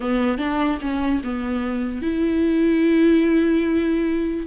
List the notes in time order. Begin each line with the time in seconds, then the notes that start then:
0.00 B3
0.38 D4
0.81 C#4
1.23 B3
2.02 E4